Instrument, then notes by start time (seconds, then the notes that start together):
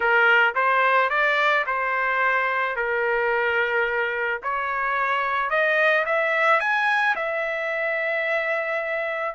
trumpet
0.00 A#4
0.54 C5
1.09 D5
1.66 C5
2.75 A#4
4.43 C#5
5.49 D#5
6.05 E5
6.60 G#5
7.15 E5